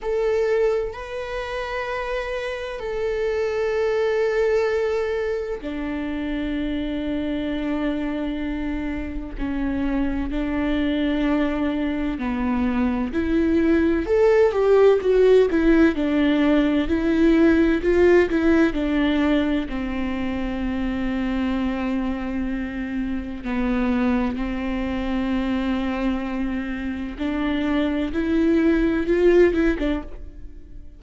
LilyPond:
\new Staff \with { instrumentName = "viola" } { \time 4/4 \tempo 4 = 64 a'4 b'2 a'4~ | a'2 d'2~ | d'2 cis'4 d'4~ | d'4 b4 e'4 a'8 g'8 |
fis'8 e'8 d'4 e'4 f'8 e'8 | d'4 c'2.~ | c'4 b4 c'2~ | c'4 d'4 e'4 f'8 e'16 d'16 | }